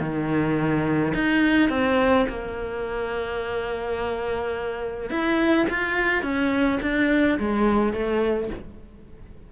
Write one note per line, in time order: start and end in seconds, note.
0.00 1.13 D#3
1.14 1.69 D#4
1.69 2.26 C4
2.29 5.10 A#3
5.10 5.67 E4
5.69 6.23 F4
6.23 6.79 C#4
6.82 7.38 D4
7.39 7.93 G#3
7.93 8.49 A3